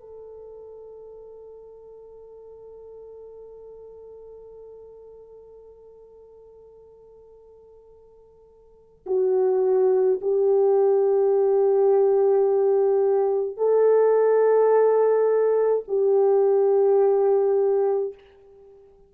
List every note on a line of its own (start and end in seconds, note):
0.00 9.06 A4
9.07 10.20 F#4
10.21 13.57 G4
13.57 15.83 A4
15.88 18.14 G4